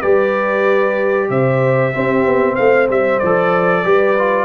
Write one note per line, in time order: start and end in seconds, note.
0.00 1.30 G3
0.00 1.94 G4
0.00 1.28 B4
0.00 1.29 D5
1.30 1.93 C3
1.30 1.94 C5
1.30 2.55 E5
1.94 3.21 C4
1.94 2.26 C4
1.94 2.54 G4
2.26 2.58 B3
2.54 2.90 A3
2.54 3.82 C5
2.54 2.87 F5
2.90 3.22 G3
2.90 3.19 E5
3.19 3.85 F3
3.19 4.45 D5
3.26 3.85 A4
3.84 4.45 G3
3.84 4.17 G4
3.84 4.45 B4
4.18 4.45 F4